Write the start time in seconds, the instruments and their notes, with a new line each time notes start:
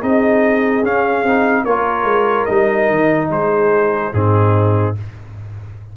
0.00 tuba C4, trombone D#4, horn G#4, trumpet D#5
0.83 tuba C#4, trombone C#4, trumpet F5
1.23 tuba C4, trombone D#4
1.64 tuba A#3, trombone F4, horn A#4, trumpet C#5
2.04 tuba G#3
2.46 tuba G3, trombone D#4, trumpet D#5
2.90 tuba D#3
3.30 tuba G#3, horn G#4, trumpet C5
4.13 tuba G#2, trombone C4, horn D#4, trumpet G#4